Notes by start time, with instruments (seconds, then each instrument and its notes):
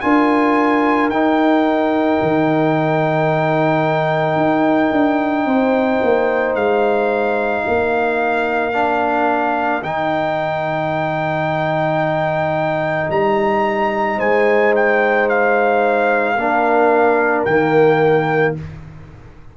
0.00 tuba D4, trombone F4, horn A#4, trumpet G#5
1.09 tuba D#4, trombone D#4, trumpet G5
2.22 tuba D#3
4.36 tuba D#4
4.91 tuba D4
5.45 tuba C4, horn C5
6.02 tuba A#3
6.54 tuba G#3, trumpet F5
7.65 tuba A#3, horn A#4
8.73 trombone D4
9.82 tuba D#3, trombone D#4, trumpet G5
13.10 tuba G3, trumpet A#5
14.16 tuba G#3, horn C5, trumpet G#5
14.75 trumpet G5
15.29 trumpet F5
16.35 tuba A#3, trombone D4, horn A#4
17.45 tuba D#3, trombone A#3, trumpet G5